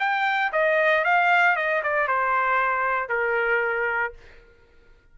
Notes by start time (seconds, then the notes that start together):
0.00 G5
0.53 D#5
1.05 F5
1.57 D#5
1.84 D5
2.08 C5
3.09 A#4